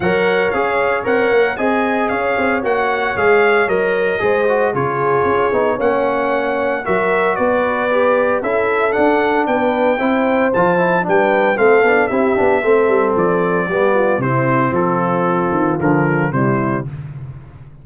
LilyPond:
<<
  \new Staff \with { instrumentName = "trumpet" } { \time 4/4 \tempo 4 = 114 fis''4 f''4 fis''4 gis''4 | f''4 fis''4 f''4 dis''4~ | dis''4 cis''2 fis''4~ | fis''4 e''4 d''2 |
e''4 fis''4 g''2 | a''4 g''4 f''4 e''4~ | e''4 d''2 c''4 | a'2 ais'4 c''4 | }
  \new Staff \with { instrumentName = "horn" } { \time 4/4 cis''2. dis''4 | cis''1 | c''4 gis'2 cis''4~ | cis''4 ais'4 b'2 |
a'2 b'4 c''4~ | c''4 b'4 a'4 g'4 | a'2 g'8 f'8 e'4 | f'2. e'4 | }
  \new Staff \with { instrumentName = "trombone" } { \time 4/4 ais'4 gis'4 ais'4 gis'4~ | gis'4 fis'4 gis'4 ais'4 | gis'8 fis'8 f'4. dis'8 cis'4~ | cis'4 fis'2 g'4 |
e'4 d'2 e'4 | f'8 e'8 d'4 c'8 d'8 e'8 d'8 | c'2 b4 c'4~ | c'2 f4 g4 | }
  \new Staff \with { instrumentName = "tuba" } { \time 4/4 fis4 cis'4 c'8 ais8 c'4 | cis'8 c'8 ais4 gis4 fis4 | gis4 cis4 cis'8 b8 ais4~ | ais4 fis4 b2 |
cis'4 d'4 b4 c'4 | f4 g4 a8 b8 c'8 b8 | a8 g8 f4 g4 c4 | f4. dis8 d4 c4 | }
>>